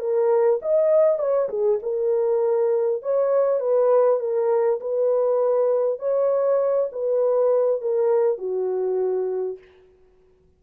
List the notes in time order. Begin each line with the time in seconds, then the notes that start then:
0.00 A#4
0.62 D#5
1.19 C#5
1.49 G#4
1.83 A#4
3.03 C#5
3.60 B4
4.20 A#4
4.81 B4
5.99 C#5
6.92 B4
7.81 A#4
8.38 F#4